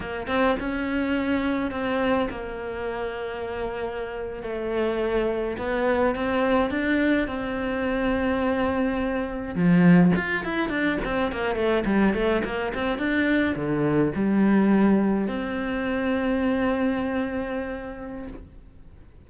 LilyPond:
\new Staff \with { instrumentName = "cello" } { \time 4/4 \tempo 4 = 105 ais8 c'8 cis'2 c'4 | ais2.~ ais8. a16~ | a4.~ a16 b4 c'4 d'16~ | d'8. c'2.~ c'16~ |
c'8. f4 f'8 e'8 d'8 c'8 ais16~ | ais16 a8 g8 a8 ais8 c'8 d'4 d16~ | d8. g2 c'4~ c'16~ | c'1 | }